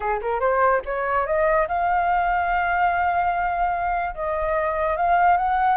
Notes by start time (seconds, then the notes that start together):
0.00 G#4
0.21 A#4
0.40 C5
0.85 C#5
1.26 D#5
1.67 F5
4.15 D#5
4.96 F5
5.37 F#5